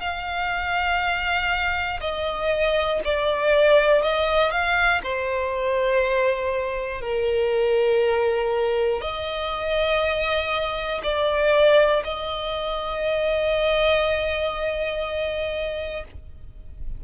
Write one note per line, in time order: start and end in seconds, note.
0.00 2.00 F5
2.00 3.00 D#5
3.05 4.02 D5
4.02 4.51 D#5
4.51 5.01 F5
5.03 7.01 C5
7.01 9.01 A#4
9.01 11.01 D#5
11.03 12.03 D5
12.04 16.04 D#5